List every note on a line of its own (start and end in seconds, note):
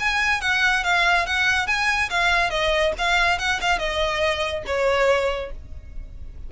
0.00 0.41 G#5
0.41 0.84 F#5
0.84 1.26 F5
1.26 1.67 F#5
1.67 2.10 G#5
2.10 2.50 F5
2.50 2.93 D#5
2.98 3.39 F5
3.39 3.60 F#5
3.61 3.79 F5
3.79 4.64 D#5
4.67 5.52 C#5